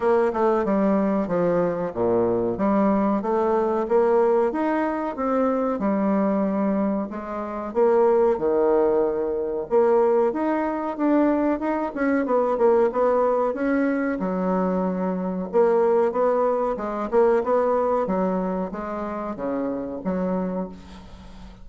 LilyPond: \new Staff \with { instrumentName = "bassoon" } { \time 4/4 \tempo 4 = 93 ais8 a8 g4 f4 ais,4 | g4 a4 ais4 dis'4 | c'4 g2 gis4 | ais4 dis2 ais4 |
dis'4 d'4 dis'8 cis'8 b8 ais8 | b4 cis'4 fis2 | ais4 b4 gis8 ais8 b4 | fis4 gis4 cis4 fis4 | }